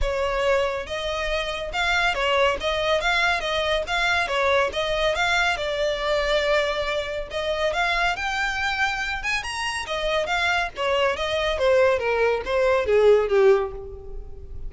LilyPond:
\new Staff \with { instrumentName = "violin" } { \time 4/4 \tempo 4 = 140 cis''2 dis''2 | f''4 cis''4 dis''4 f''4 | dis''4 f''4 cis''4 dis''4 | f''4 d''2.~ |
d''4 dis''4 f''4 g''4~ | g''4. gis''8 ais''4 dis''4 | f''4 cis''4 dis''4 c''4 | ais'4 c''4 gis'4 g'4 | }